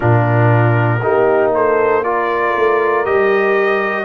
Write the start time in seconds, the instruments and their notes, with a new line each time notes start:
0.00 tuba A#2, trombone D4, horn F4, trumpet A#4
1.01 tuba A#3, trombone D#4, horn G4
1.54 horn A4, trumpet C5
2.03 trombone F4, horn A#4, trumpet D5
2.55 tuba A3
3.05 tuba G3, trombone G4, trumpet D#5